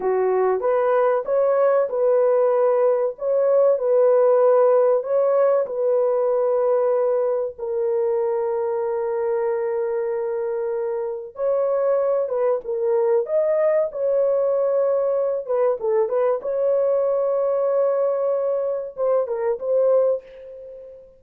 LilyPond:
\new Staff \with { instrumentName = "horn" } { \time 4/4 \tempo 4 = 95 fis'4 b'4 cis''4 b'4~ | b'4 cis''4 b'2 | cis''4 b'2. | ais'1~ |
ais'2 cis''4. b'8 | ais'4 dis''4 cis''2~ | cis''8 b'8 a'8 b'8 cis''2~ | cis''2 c''8 ais'8 c''4 | }